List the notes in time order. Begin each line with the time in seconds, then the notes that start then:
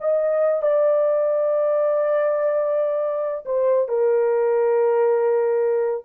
0.00 D#5
0.62 D5
3.45 C5
3.88 A#4